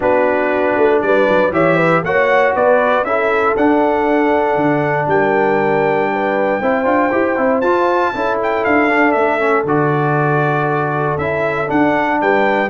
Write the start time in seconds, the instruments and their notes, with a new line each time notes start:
0.00 tuba B3, trombone D4, horn F#4, trumpet B4
0.76 tuba A3
1.01 tuba G3, horn B4, trumpet D5
1.28 tuba F#3
1.51 tuba E3, trombone G4, horn C#5, trumpet E5
1.76 horn B4
2.03 tuba A#3, trombone F#4, horn C#5, trumpet F#5
2.54 tuba B3, horn B4, trumpet D5
3.03 tuba C#4, trombone E4, horn A4, trumpet E5
3.56 tuba D4, trombone D4, trumpet F#5
4.55 tuba D3
5.07 tuba G3, horn A#4, trumpet G5
6.12 horn B4
6.61 tuba C4, trombone E4, horn C5
6.84 tuba D4, trombone F4
7.11 tuba E4, trombone G4
7.37 tuba C4, trombone E4
7.60 tuba F4, trombone F4, trumpet A5
8.14 tuba C#4, trombone E4, horn A4
8.42 trumpet G5
8.64 tuba D4, trumpet F5
8.88 trombone D4
9.11 tuba A3, trumpet E5
9.39 trombone C#4
9.63 tuba D3, trombone F#4, trumpet D5
11.17 tuba C#4, trombone E4, trumpet E5
11.66 trombone D4, tuba D4, trumpet F#5
12.21 tuba G3, horn B4, trumpet G5